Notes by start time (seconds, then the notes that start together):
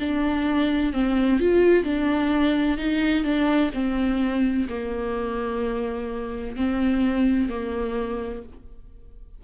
0.00 D4
0.93 C4
1.40 F4
1.85 D4
2.78 D#4
3.25 D4
3.74 C4
4.70 A#3
6.57 C4
7.50 A#3